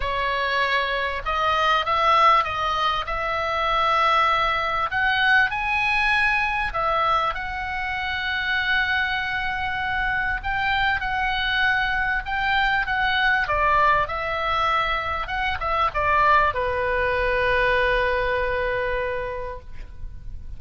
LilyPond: \new Staff \with { instrumentName = "oboe" } { \time 4/4 \tempo 4 = 98 cis''2 dis''4 e''4 | dis''4 e''2. | fis''4 gis''2 e''4 | fis''1~ |
fis''4 g''4 fis''2 | g''4 fis''4 d''4 e''4~ | e''4 fis''8 e''8 d''4 b'4~ | b'1 | }